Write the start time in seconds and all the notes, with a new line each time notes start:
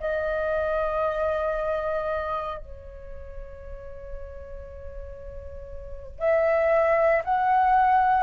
0.00 D#5
2.58 C#5
6.19 E5
7.25 F#5